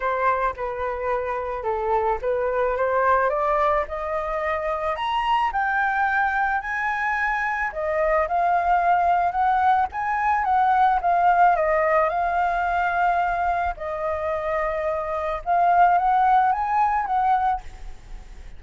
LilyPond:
\new Staff \with { instrumentName = "flute" } { \time 4/4 \tempo 4 = 109 c''4 b'2 a'4 | b'4 c''4 d''4 dis''4~ | dis''4 ais''4 g''2 | gis''2 dis''4 f''4~ |
f''4 fis''4 gis''4 fis''4 | f''4 dis''4 f''2~ | f''4 dis''2. | f''4 fis''4 gis''4 fis''4 | }